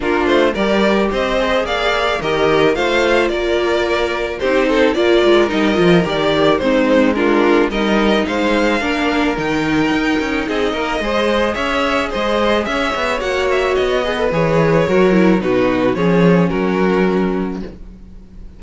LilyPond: <<
  \new Staff \with { instrumentName = "violin" } { \time 4/4 \tempo 4 = 109 ais'8 c''8 d''4 dis''4 f''4 | dis''4 f''4 d''2 | c''4 d''4 dis''4 d''4 | c''4 ais'4 dis''4 f''4~ |
f''4 g''2 dis''4~ | dis''4 e''4 dis''4 e''4 | fis''8 e''8 dis''4 cis''2 | b'4 cis''4 ais'2 | }
  \new Staff \with { instrumentName = "violin" } { \time 4/4 f'4 ais'4 c''4 d''4 | ais'4 c''4 ais'2 | g'8 a'8 ais'2. | dis'4 f'4 ais'4 c''4 |
ais'2. gis'8 ais'8 | c''4 cis''4 c''4 cis''4~ | cis''4. b'4. ais'4 | fis'4 gis'4 fis'2 | }
  \new Staff \with { instrumentName = "viola" } { \time 4/4 d'4 g'4. gis'4. | g'4 f'2. | dis'4 f'4 dis'8 f'8 g'4 | c'4 d'4 dis'2 |
d'4 dis'2. | gis'1 | fis'4. gis'16 a'16 gis'4 fis'8 e'8 | dis'4 cis'2. | }
  \new Staff \with { instrumentName = "cello" } { \time 4/4 ais8 a8 g4 c'4 ais4 | dis4 a4 ais2 | c'4 ais8 gis8 g8 f8 dis4 | gis2 g4 gis4 |
ais4 dis4 dis'8 cis'8 c'8 ais8 | gis4 cis'4 gis4 cis'8 b8 | ais4 b4 e4 fis4 | b,4 f4 fis2 | }
>>